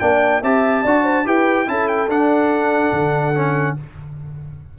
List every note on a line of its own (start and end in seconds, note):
0.00 0.42 A#3
0.00 0.42 D4
0.00 0.42 D5
0.00 0.42 G5
0.42 0.84 C4
0.42 0.85 G4
0.42 0.83 E5
0.42 1.27 A5
0.83 1.26 D4
0.83 1.25 F#4
0.83 1.04 D5
1.04 1.25 C5
1.25 1.68 E4
1.25 1.67 G4
1.25 1.68 B4
1.25 1.69 G5
1.67 2.09 C#4
1.67 2.09 E4
1.67 3.79 A4
1.67 1.88 A5
1.88 2.09 G5
2.09 2.92 D4
2.09 3.35 D4
2.09 3.77 F#5
2.93 3.76 D3
3.35 3.77 C#4